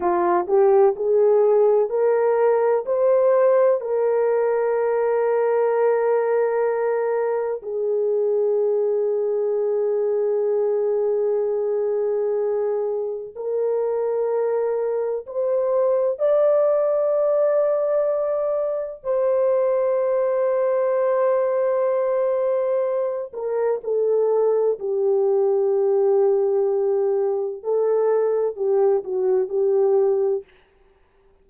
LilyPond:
\new Staff \with { instrumentName = "horn" } { \time 4/4 \tempo 4 = 63 f'8 g'8 gis'4 ais'4 c''4 | ais'1 | gis'1~ | gis'2 ais'2 |
c''4 d''2. | c''1~ | c''8 ais'8 a'4 g'2~ | g'4 a'4 g'8 fis'8 g'4 | }